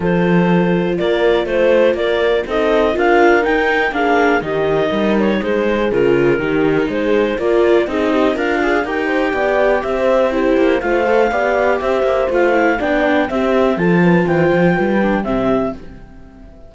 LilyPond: <<
  \new Staff \with { instrumentName = "clarinet" } { \time 4/4 \tempo 4 = 122 c''2 d''4 c''4 | d''4 dis''4 f''4 g''4 | f''4 dis''4. cis''8 c''4 | ais'2 c''4 d''4 |
dis''4 f''4 g''2 | e''4 c''4 f''2 | e''4 f''4 g''4 e''4 | a''4 g''2 e''4 | }
  \new Staff \with { instrumentName = "horn" } { \time 4/4 a'2 ais'4 c''4 | ais'4 a'4 ais'2 | gis'4 g'4 ais'4 gis'4~ | gis'4 g'4 gis'4 ais'4 |
gis'8 g'8 f'4 ais'8 c''8 d''4 | c''4 g'4 c''4 d''4 | c''2 d''4 g'4 | a'8 b'8 c''4 b'4 g'4 | }
  \new Staff \with { instrumentName = "viola" } { \time 4/4 f'1~ | f'4 dis'4 f'4 dis'4 | d'4 dis'2. | f'4 dis'2 f'4 |
dis'4 ais'8 gis'8 g'2~ | g'4 e'4 f'8 a'8 g'4~ | g'4 f'8 e'8 d'4 c'4 | f'2~ f'8 d'8 c'4 | }
  \new Staff \with { instrumentName = "cello" } { \time 4/4 f2 ais4 a4 | ais4 c'4 d'4 dis'4 | ais4 dis4 g4 gis4 | cis4 dis4 gis4 ais4 |
c'4 d'4 dis'4 b4 | c'4. ais8 a4 b4 | c'8 ais8 a4 b4 c'4 | f4 e8 f8 g4 c4 | }
>>